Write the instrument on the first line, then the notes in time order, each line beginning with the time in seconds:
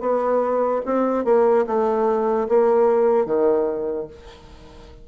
bassoon
0.00 B3
0.85 C4
1.24 A#3
1.66 A3
2.48 A#3
3.25 D#3